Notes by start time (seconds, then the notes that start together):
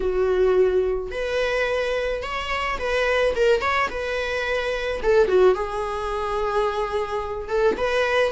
0.00 F#4
1.11 B4
2.22 C#5
2.79 B4
3.35 A#4
3.61 C#5
3.89 B4
5.03 A4
5.28 F#4
5.55 G#4
7.48 A4
7.77 B4